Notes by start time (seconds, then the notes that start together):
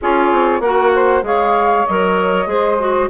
0.01 C#4 F4 G#4 C#5
0.31 C4
0.60 A#3 F#4 A#4 F#5
0.94 C5
1.22 G#3 G#4 C#5 F5
1.86 F#3 A#4 D#5
2.46 G#3 G#4 C5
2.79 F#4